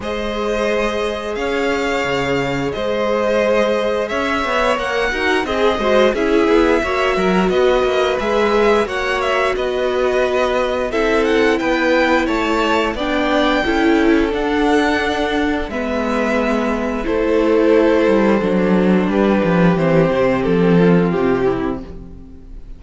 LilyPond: <<
  \new Staff \with { instrumentName = "violin" } { \time 4/4 \tempo 4 = 88 dis''2 f''2 | dis''2 e''4 fis''4 | dis''4 e''2 dis''4 | e''4 fis''8 e''8 dis''2 |
e''8 fis''8 g''4 a''4 g''4~ | g''4 fis''2 e''4~ | e''4 c''2. | b'4 c''4 a'4 g'4 | }
  \new Staff \with { instrumentName = "violin" } { \time 4/4 c''2 cis''2 | c''2 cis''4. ais'8 | gis'8 c''8 gis'4 cis''8 ais'8 b'4~ | b'4 cis''4 b'2 |
a'4 b'4 cis''4 d''4 | a'2. b'4~ | b'4 a'2. | g'2~ g'8 f'4 e'8 | }
  \new Staff \with { instrumentName = "viola" } { \time 4/4 gis'1~ | gis'2. ais'8 fis'8 | gis'8 fis'8 e'4 fis'2 | gis'4 fis'2. |
e'2. d'4 | e'4 d'2 b4~ | b4 e'2 d'4~ | d'4 c'2. | }
  \new Staff \with { instrumentName = "cello" } { \time 4/4 gis2 cis'4 cis4 | gis2 cis'8 b8 ais8 dis'8 | c'8 gis8 cis'8 b8 ais8 fis8 b8 ais8 | gis4 ais4 b2 |
c'4 b4 a4 b4 | cis'4 d'2 gis4~ | gis4 a4. g8 fis4 | g8 f8 e8 c8 f4 c4 | }
>>